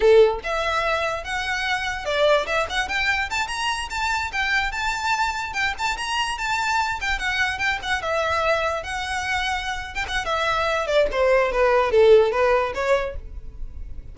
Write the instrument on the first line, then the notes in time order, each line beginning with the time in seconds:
violin
0.00 A4
0.43 E5
1.23 F#5
2.05 D5
2.46 E5
2.69 F#5
2.88 G5
3.30 A5
3.47 A#5
3.90 A5
4.32 G5
4.71 A5
5.53 G5
5.78 A5
5.97 A#5
6.38 A5
7.00 G5
7.18 F#5
7.58 G5
7.82 F#5
8.02 E5
8.83 F#5
9.95 G5
10.08 F#5
10.25 E5
10.86 D5
11.11 C5
11.52 B4
11.91 A4
12.31 B4
12.74 C#5